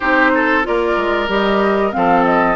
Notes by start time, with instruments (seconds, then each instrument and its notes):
0.00 bassoon C4, clarinet D#4, oboe G4, flute C5
0.34 oboe A4
0.63 bassoon A#3, clarinet F4, oboe A#4, flute D5
0.97 bassoon G#3
1.28 bassoon G3, clarinet G4, flute D#5
1.91 bassoon F3, clarinet C4, oboe A4, flute F5
2.24 flute D#5